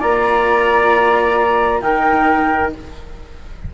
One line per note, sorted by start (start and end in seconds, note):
0.00 1.82 A#3
0.00 1.81 F4
0.00 1.82 D5
0.00 1.81 A#5
1.81 2.73 D#3
1.81 2.72 D#4
1.81 2.74 A#4
1.81 2.72 G5